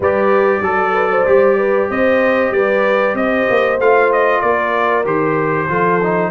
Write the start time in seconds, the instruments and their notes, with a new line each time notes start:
0.00 tuba G3, trombone G4, horn B4, trumpet D5
0.61 tuba F#3, trombone A4, horn A4
0.93 horn B4
1.10 horn C5
1.26 tuba G3, trombone G4
1.57 horn B4
1.90 tuba C4, horn C5, trumpet D#5
2.51 tuba G3, horn B4, trumpet D5
3.14 tuba C4, horn C5, trumpet D#5
3.49 tuba A#3
3.79 tuba A3, trombone F4, trumpet F5
4.12 trumpet D#5
4.40 tuba A#3, horn A#4, trumpet D5
5.04 tuba D#3, trombone G4, trumpet C5
5.68 tuba F3, trombone F4, horn A4
6.02 trombone D#4